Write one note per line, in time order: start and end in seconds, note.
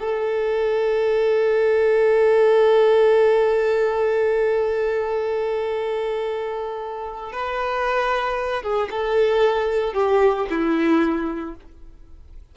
0.00 7.33 A4
7.33 8.63 B4
8.63 8.89 G#4
8.91 9.94 A4
9.94 10.47 G4
10.50 11.56 E4